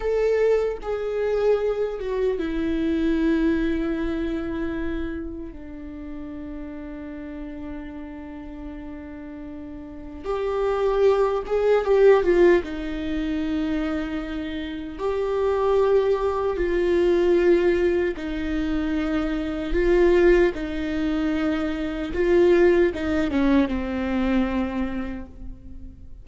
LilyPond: \new Staff \with { instrumentName = "viola" } { \time 4/4 \tempo 4 = 76 a'4 gis'4. fis'8 e'4~ | e'2. d'4~ | d'1~ | d'4 g'4. gis'8 g'8 f'8 |
dis'2. g'4~ | g'4 f'2 dis'4~ | dis'4 f'4 dis'2 | f'4 dis'8 cis'8 c'2 | }